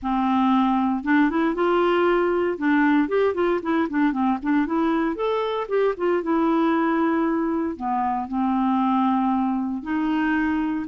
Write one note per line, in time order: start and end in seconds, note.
0.02 1.04 C4
1.04 1.29 D4
1.29 1.54 E4
1.54 2.57 F4
2.57 3.08 D4
3.08 3.34 G4
3.34 3.60 F4
3.62 3.88 E4
3.89 4.12 D4
4.12 4.38 C4
4.42 4.66 D4
4.66 5.15 E4
5.15 5.67 A4
5.68 5.94 G4
5.97 6.22 F4
6.22 7.76 E4
7.76 8.28 B3
8.28 9.82 C4
9.82 10.86 D#4